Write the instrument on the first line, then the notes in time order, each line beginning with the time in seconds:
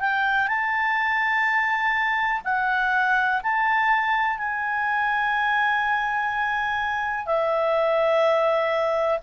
clarinet
0.00 G5
0.48 A5
2.45 F#5
3.43 A5
4.38 G#5
7.26 E5